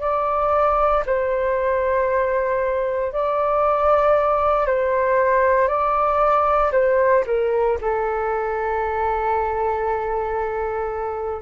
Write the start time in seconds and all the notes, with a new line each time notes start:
0.00 D5
1.06 C5
3.12 D5
4.66 C5
5.68 D5
6.71 C5
7.26 A#4
7.81 A4